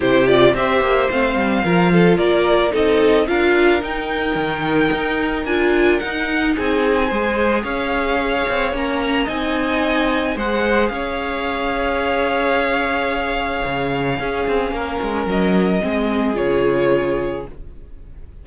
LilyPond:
<<
  \new Staff \with { instrumentName = "violin" } { \time 4/4 \tempo 4 = 110 c''8 d''8 e''4 f''2 | d''4 dis''4 f''4 g''4~ | g''2 gis''4 fis''4 | gis''2 f''2 |
ais''4 gis''2 fis''4 | f''1~ | f''1 | dis''2 cis''2 | }
  \new Staff \with { instrumentName = "violin" } { \time 4/4 g'4 c''2 ais'8 a'8 | ais'4 a'4 ais'2~ | ais'1 | gis'4 c''4 cis''2~ |
cis''4 dis''2 c''4 | cis''1~ | cis''2 gis'4 ais'4~ | ais'4 gis'2. | }
  \new Staff \with { instrumentName = "viola" } { \time 4/4 e'8 f'8 g'4 c'4 f'4~ | f'4 dis'4 f'4 dis'4~ | dis'2 f'4 dis'4~ | dis'4 gis'2. |
cis'4 dis'2 gis'4~ | gis'1~ | gis'2 cis'2~ | cis'4 c'4 f'2 | }
  \new Staff \with { instrumentName = "cello" } { \time 4/4 c4 c'8 ais8 a8 g8 f4 | ais4 c'4 d'4 dis'4 | dis4 dis'4 d'4 dis'4 | c'4 gis4 cis'4. c'8 |
ais4 c'2 gis4 | cis'1~ | cis'4 cis4 cis'8 c'8 ais8 gis8 | fis4 gis4 cis2 | }
>>